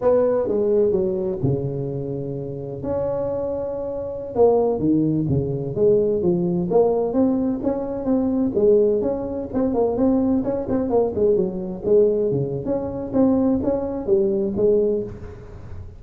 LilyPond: \new Staff \with { instrumentName = "tuba" } { \time 4/4 \tempo 4 = 128 b4 gis4 fis4 cis4~ | cis2 cis'2~ | cis'4~ cis'16 ais4 dis4 cis8.~ | cis16 gis4 f4 ais4 c'8.~ |
c'16 cis'4 c'4 gis4 cis'8.~ | cis'16 c'8 ais8 c'4 cis'8 c'8 ais8 gis16~ | gis16 fis4 gis4 cis8. cis'4 | c'4 cis'4 g4 gis4 | }